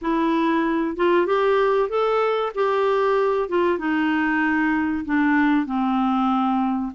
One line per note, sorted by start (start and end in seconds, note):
0.01 0.96 E4
0.96 1.26 F4
1.26 1.89 G4
1.89 2.52 A4
2.54 3.48 G4
3.48 3.78 F4
3.78 5.04 D#4
5.05 5.66 D4
5.66 6.92 C4